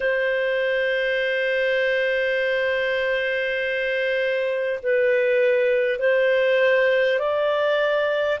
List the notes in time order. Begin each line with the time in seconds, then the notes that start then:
0.00 C5
4.82 B4
5.99 C5
7.19 D5